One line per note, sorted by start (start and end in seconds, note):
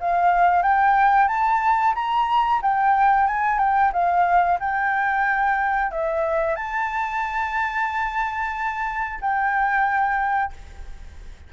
0.00 0.62 F5
0.62 1.28 G5
1.28 1.94 A5
1.95 2.61 A#5
2.62 3.27 G5
3.27 3.58 G#5
3.58 3.91 G5
3.93 4.59 F5
4.59 5.91 G5
5.91 6.55 E5
6.55 9.19 A5
9.21 10.53 G5